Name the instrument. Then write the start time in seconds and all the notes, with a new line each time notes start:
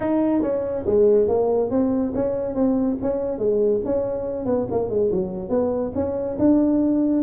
tuba
0.00 D#4
0.42 C#4
0.85 G#3
1.28 A#3
1.70 C4
2.14 C#4
2.54 C4
3.02 C#4
3.38 G#3
3.85 C#4
4.45 B3
4.70 A#3
4.89 G#3
5.11 F#3
5.49 B3
5.94 C#4
6.38 D4